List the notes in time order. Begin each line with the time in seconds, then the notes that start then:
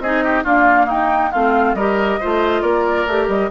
0.00 C4 D#4 G#4 D#5
0.25 G4
0.44 A#3 D4 F4 F5
0.86 D#4 G5
1.32 A3 C4 F4 F5
1.74 G3 G4 A#4 D#5
2.21 A3 F4 C5
2.62 A#3 A#4 D5
3.07 A3 G4
3.28 G3 D#5